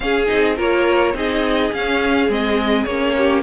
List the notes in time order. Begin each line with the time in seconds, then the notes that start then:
0.00 C#4 G#4 F5
0.26 C4 D#4 D#5
0.56 A#3 F4 A#4 C#5
1.14 C4 D#4 G#4 D#5
1.71 C#4 F5
2.29 G#3 C4 D#5
2.84 A#3 C#4 C#5
3.17 G4